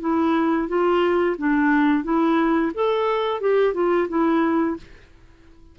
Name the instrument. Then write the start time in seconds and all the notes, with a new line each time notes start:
clarinet
0.00 E4
0.68 F4
1.38 D4
2.04 E4
2.75 A4
3.41 G4
3.74 F4
4.09 E4